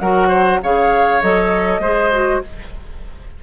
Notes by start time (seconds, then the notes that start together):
0.00 F#3 F#4 A#4 F#5
0.29 C5
0.63 C#3 G#4 C#5 F5
1.22 F#3 A4 D#5
1.80 G#3 G#4 C5
2.12 F#4